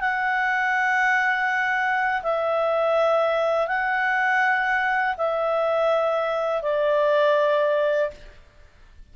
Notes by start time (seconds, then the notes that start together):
0.00 F#5
2.23 E5
3.67 F#5
5.18 E5
6.62 D5